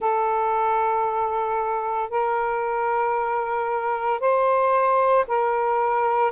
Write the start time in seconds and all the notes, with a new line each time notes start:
0.00 A4
2.10 A#4
4.20 C5
5.27 A#4